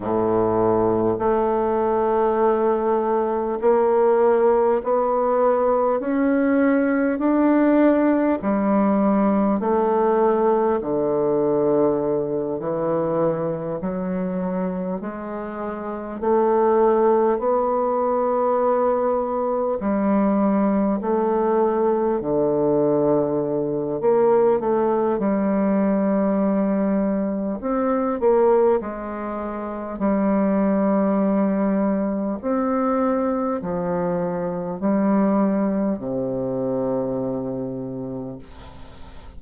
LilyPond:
\new Staff \with { instrumentName = "bassoon" } { \time 4/4 \tempo 4 = 50 a,4 a2 ais4 | b4 cis'4 d'4 g4 | a4 d4. e4 fis8~ | fis8 gis4 a4 b4.~ |
b8 g4 a4 d4. | ais8 a8 g2 c'8 ais8 | gis4 g2 c'4 | f4 g4 c2 | }